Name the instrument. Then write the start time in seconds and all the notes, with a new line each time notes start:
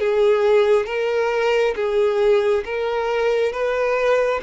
violin
0.00 G#4
0.87 A#4
1.76 G#4
2.66 A#4
3.53 B4